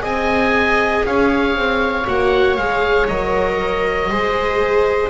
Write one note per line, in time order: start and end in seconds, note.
0.00 1.05 C4
0.00 2.03 G#4
0.00 1.04 D#5
0.00 1.07 G#5
1.06 1.56 C#4
1.06 4.11 C#5
1.06 2.08 F5
1.56 2.07 C4
2.07 2.58 A#3
2.07 2.58 F#4
2.07 2.57 F#5
2.57 3.08 G#3
2.57 3.10 G#4
2.57 3.08 F5
3.08 4.10 F#3
3.08 4.11 A#4
3.08 5.10 D#5
4.10 5.10 G#3
4.10 5.10 G#4
4.10 5.10 C5